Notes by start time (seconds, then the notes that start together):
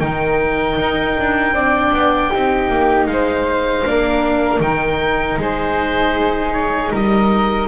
0.00 D#3 D#4 A#4 G5
0.79 D#4
1.19 D4
1.53 C4 D4 D5
1.92 B3
2.30 C4 D#4 G4
2.69 A#3
3.07 G#3 C5 F5
3.86 A#3 D4 A#4
4.60 D#3 D#4 G5
5.37 G#3 G#4 C5
6.53 C#5
6.91 G3 A#4 D#5